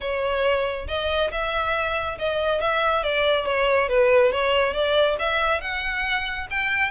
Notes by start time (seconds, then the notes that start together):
0.00 C#5
0.87 D#5
1.31 E5
2.18 D#5
2.60 E5
3.03 D5
3.45 C#5
3.88 B4
4.32 C#5
4.73 D5
5.19 E5
5.61 F#5
6.50 G5